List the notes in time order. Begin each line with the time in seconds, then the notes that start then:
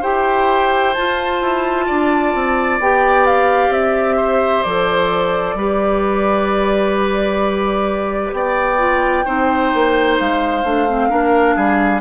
0.00 E4 G4 C5 G5
0.93 F4 A5
1.41 E4
1.86 D4 D5
2.34 C4
2.79 B3 G4 G5
3.26 F5
3.68 C4 E5
4.16 C5
4.62 F3 A4 D5
5.54 G3 G4 B4
8.32 B3 D5 G5
8.78 F4
9.24 C4 D#4 C5
9.74 A#3
10.19 G#3 F5
10.63 A3 D4
10.88 C4
11.09 A#3 D4 A#4
11.55 G3 G#4